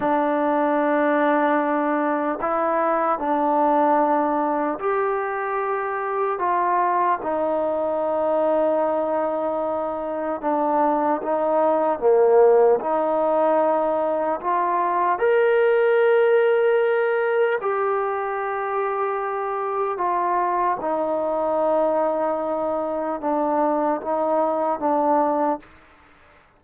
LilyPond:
\new Staff \with { instrumentName = "trombone" } { \time 4/4 \tempo 4 = 75 d'2. e'4 | d'2 g'2 | f'4 dis'2.~ | dis'4 d'4 dis'4 ais4 |
dis'2 f'4 ais'4~ | ais'2 g'2~ | g'4 f'4 dis'2~ | dis'4 d'4 dis'4 d'4 | }